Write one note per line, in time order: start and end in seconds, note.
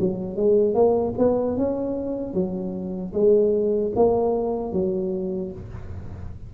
0.00 0.37 F#3
0.37 0.75 G#3
0.75 1.14 A#3
1.18 1.57 B3
1.57 2.34 C#4
2.34 3.13 F#3
3.13 3.92 G#3
3.95 4.73 A#3
4.73 5.52 F#3